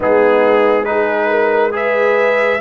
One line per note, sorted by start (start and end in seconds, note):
0.00 2.60 G#3
0.00 0.85 B3
0.00 0.86 D#4
0.00 0.84 G#4
0.84 1.71 D#4
0.84 1.29 G#4
0.84 1.71 B4
1.29 1.73 A#4
1.71 2.58 G#4
1.71 2.60 B4
1.71 2.60 E5